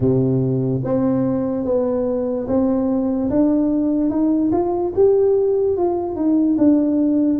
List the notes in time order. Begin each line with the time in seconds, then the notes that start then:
0.00 C3
0.84 C4
1.64 B3
2.47 C4
3.30 D4
4.09 D#4
4.52 F4
4.95 G4
5.77 F4
6.15 D#4
6.58 D4